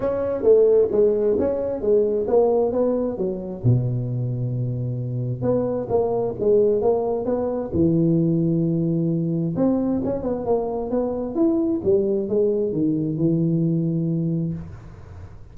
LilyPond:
\new Staff \with { instrumentName = "tuba" } { \time 4/4 \tempo 4 = 132 cis'4 a4 gis4 cis'4 | gis4 ais4 b4 fis4 | b,1 | b4 ais4 gis4 ais4 |
b4 e2.~ | e4 c'4 cis'8 b8 ais4 | b4 e'4 g4 gis4 | dis4 e2. | }